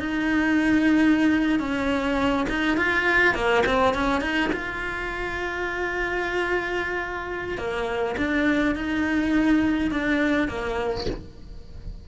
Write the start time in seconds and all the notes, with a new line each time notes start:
0.00 D#4
1.60 C#4
2.49 D#4
2.77 F4
3.35 A#3
3.66 C4
3.95 C#4
4.22 D#4
4.53 F4
7.58 A#3
8.18 D4
8.76 D#4
9.91 D4
10.49 A#3